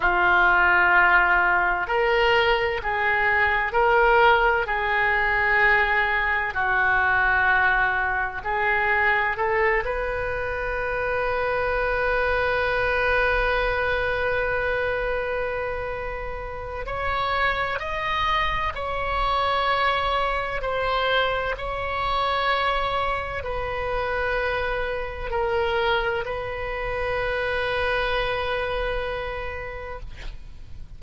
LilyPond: \new Staff \with { instrumentName = "oboe" } { \time 4/4 \tempo 4 = 64 f'2 ais'4 gis'4 | ais'4 gis'2 fis'4~ | fis'4 gis'4 a'8 b'4.~ | b'1~ |
b'2 cis''4 dis''4 | cis''2 c''4 cis''4~ | cis''4 b'2 ais'4 | b'1 | }